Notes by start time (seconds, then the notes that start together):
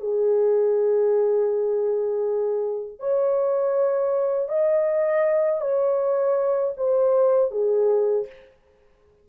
0.00 G#4
2.99 C#5
4.48 D#5
5.61 C#5
6.76 C5
7.51 G#4